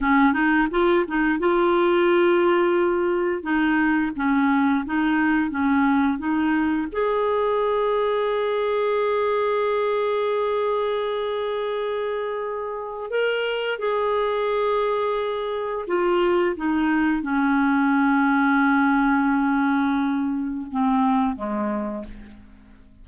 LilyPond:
\new Staff \with { instrumentName = "clarinet" } { \time 4/4 \tempo 4 = 87 cis'8 dis'8 f'8 dis'8 f'2~ | f'4 dis'4 cis'4 dis'4 | cis'4 dis'4 gis'2~ | gis'1~ |
gis'2. ais'4 | gis'2. f'4 | dis'4 cis'2.~ | cis'2 c'4 gis4 | }